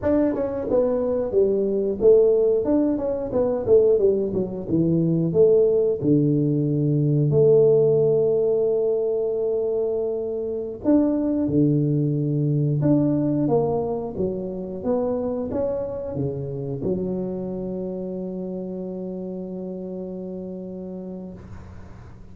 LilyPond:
\new Staff \with { instrumentName = "tuba" } { \time 4/4 \tempo 4 = 90 d'8 cis'8 b4 g4 a4 | d'8 cis'8 b8 a8 g8 fis8 e4 | a4 d2 a4~ | a1~ |
a16 d'4 d2 d'8.~ | d'16 ais4 fis4 b4 cis'8.~ | cis'16 cis4 fis2~ fis8.~ | fis1 | }